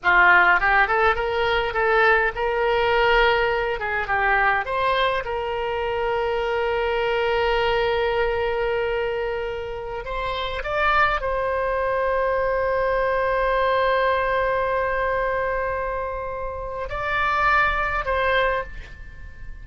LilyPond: \new Staff \with { instrumentName = "oboe" } { \time 4/4 \tempo 4 = 103 f'4 g'8 a'8 ais'4 a'4 | ais'2~ ais'8 gis'8 g'4 | c''4 ais'2.~ | ais'1~ |
ais'4~ ais'16 c''4 d''4 c''8.~ | c''1~ | c''1~ | c''4 d''2 c''4 | }